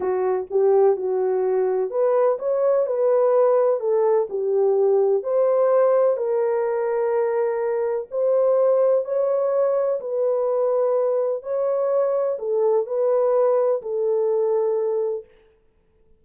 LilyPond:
\new Staff \with { instrumentName = "horn" } { \time 4/4 \tempo 4 = 126 fis'4 g'4 fis'2 | b'4 cis''4 b'2 | a'4 g'2 c''4~ | c''4 ais'2.~ |
ais'4 c''2 cis''4~ | cis''4 b'2. | cis''2 a'4 b'4~ | b'4 a'2. | }